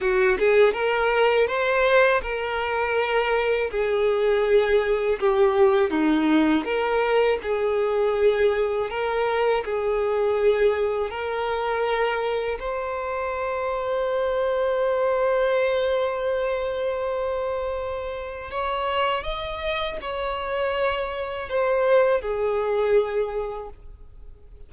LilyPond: \new Staff \with { instrumentName = "violin" } { \time 4/4 \tempo 4 = 81 fis'8 gis'8 ais'4 c''4 ais'4~ | ais'4 gis'2 g'4 | dis'4 ais'4 gis'2 | ais'4 gis'2 ais'4~ |
ais'4 c''2.~ | c''1~ | c''4 cis''4 dis''4 cis''4~ | cis''4 c''4 gis'2 | }